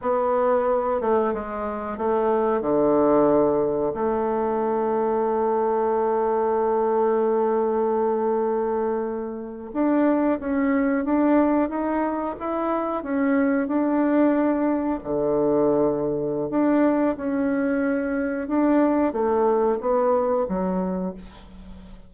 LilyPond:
\new Staff \with { instrumentName = "bassoon" } { \time 4/4 \tempo 4 = 91 b4. a8 gis4 a4 | d2 a2~ | a1~ | a2~ a8. d'4 cis'16~ |
cis'8. d'4 dis'4 e'4 cis'16~ | cis'8. d'2 d4~ d16~ | d4 d'4 cis'2 | d'4 a4 b4 fis4 | }